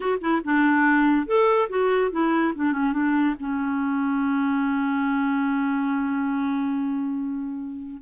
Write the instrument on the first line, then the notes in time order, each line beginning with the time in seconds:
clarinet
0.00 F#4
0.20 E4
0.44 D4
1.26 A4
1.69 F#4
2.11 E4
2.55 D4
2.72 C#4
2.93 D4
3.39 C#4